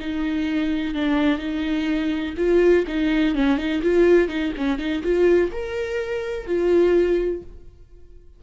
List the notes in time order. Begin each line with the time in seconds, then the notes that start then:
0.00 D#4
0.94 D4
1.39 D#4
2.37 F4
2.87 D#4
3.35 C#4
3.58 D#4
3.82 F4
4.29 D#4
4.57 C#4
4.78 D#4
5.03 F4
5.52 A#4
6.46 F4